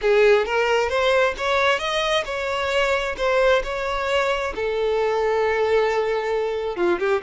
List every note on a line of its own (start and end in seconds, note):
0.01 0.45 G#4
0.45 0.89 A#4
0.89 1.34 C5
1.37 1.79 C#5
1.79 2.24 D#5
2.25 3.15 C#5
3.17 3.62 C5
3.63 4.53 C#5
4.55 6.76 A4
6.76 6.99 F4
6.99 7.21 G4